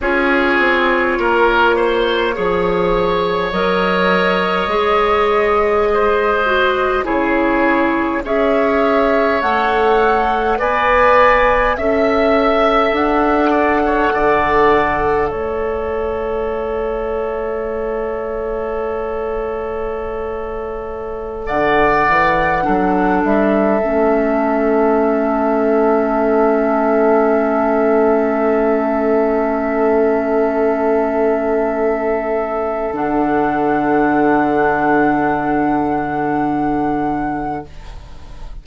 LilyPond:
<<
  \new Staff \with { instrumentName = "flute" } { \time 4/4 \tempo 4 = 51 cis''2. dis''4~ | dis''2 cis''4 e''4 | fis''4 gis''4 e''4 fis''4~ | fis''4 e''2.~ |
e''2~ e''16 fis''4. e''16~ | e''1~ | e''1 | fis''1 | }
  \new Staff \with { instrumentName = "oboe" } { \time 4/4 gis'4 ais'8 c''8 cis''2~ | cis''4 c''4 gis'4 cis''4~ | cis''4 d''4 e''4. d''16 cis''16 | d''4 cis''2.~ |
cis''2~ cis''16 d''4 a'8.~ | a'1~ | a'1~ | a'1 | }
  \new Staff \with { instrumentName = "clarinet" } { \time 4/4 f'2 gis'4 ais'4 | gis'4. fis'8 e'4 gis'4 | a'4 b'4 a'2~ | a'1~ |
a'2.~ a'16 d'8.~ | d'16 cis'2.~ cis'8.~ | cis'1 | d'1 | }
  \new Staff \with { instrumentName = "bassoon" } { \time 4/4 cis'8 c'8 ais4 f4 fis4 | gis2 cis4 cis'4 | a4 b4 cis'4 d'4 | d4 a2.~ |
a2~ a16 d8 e8 fis8 g16~ | g16 a2.~ a8.~ | a1 | d1 | }
>>